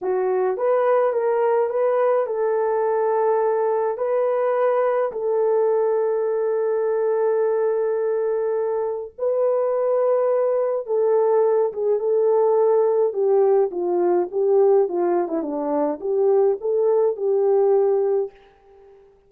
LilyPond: \new Staff \with { instrumentName = "horn" } { \time 4/4 \tempo 4 = 105 fis'4 b'4 ais'4 b'4 | a'2. b'4~ | b'4 a'2.~ | a'1 |
b'2. a'4~ | a'8 gis'8 a'2 g'4 | f'4 g'4 f'8. e'16 d'4 | g'4 a'4 g'2 | }